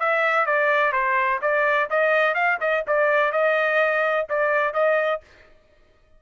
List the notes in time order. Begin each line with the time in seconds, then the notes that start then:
0.00 E5
0.46 D5
0.93 C5
1.42 D5
1.90 D#5
2.34 F5
2.61 D#5
2.87 D5
3.32 D#5
4.29 D5
4.74 D#5